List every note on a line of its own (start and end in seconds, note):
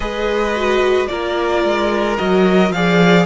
0.00 1.08 G#3
0.00 0.55 G#4
0.00 1.08 B4
0.00 1.07 D#5
0.55 1.07 F#4
1.07 1.63 A#3
1.07 2.16 F4
1.07 2.75 A#4
1.07 2.16 D5
1.63 2.18 G#3
2.17 2.71 F#3
2.17 2.72 F#4
2.17 2.72 D#5
2.71 3.25 F3
2.71 3.25 G#4
2.71 3.25 D5
2.71 3.25 F5